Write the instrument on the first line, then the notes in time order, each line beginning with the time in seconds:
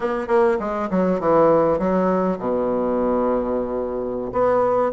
bassoon
0.00 B3
0.27 A#3
0.59 G#3
0.90 F#3
1.20 E3
1.78 F#3
2.38 B2
4.32 B3